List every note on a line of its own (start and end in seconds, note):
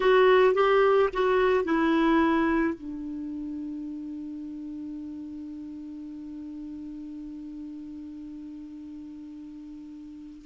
0.00 0.54 F#4
0.54 1.09 G4
1.13 1.64 F#4
1.64 2.74 E4
2.74 10.45 D4